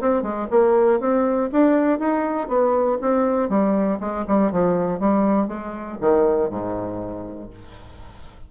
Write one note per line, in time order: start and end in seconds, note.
0.00 0.22 C4
0.22 0.47 G#3
0.50 1.00 A#3
1.00 1.50 C4
1.52 1.99 D4
1.99 2.48 D#4
2.48 2.97 B3
3.01 3.49 C4
3.49 3.99 G3
4.00 4.25 G#3
4.27 4.51 G3
4.51 4.99 F3
4.99 5.47 G3
5.47 5.97 G#3
6.00 6.50 D#3
6.50 7.50 G#2